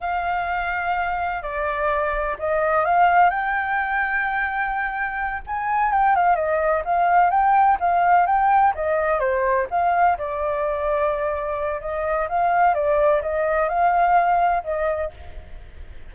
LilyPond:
\new Staff \with { instrumentName = "flute" } { \time 4/4 \tempo 4 = 127 f''2. d''4~ | d''4 dis''4 f''4 g''4~ | g''2.~ g''8 gis''8~ | gis''8 g''8 f''8 dis''4 f''4 g''8~ |
g''8 f''4 g''4 dis''4 c''8~ | c''8 f''4 d''2~ d''8~ | d''4 dis''4 f''4 d''4 | dis''4 f''2 dis''4 | }